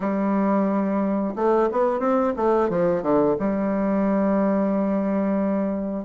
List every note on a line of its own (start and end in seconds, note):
0.00 1.34 G3
1.35 1.69 A3
1.71 1.99 B3
1.99 2.33 C4
2.36 2.69 A3
2.69 3.02 F3
3.02 3.36 D3
3.39 6.05 G3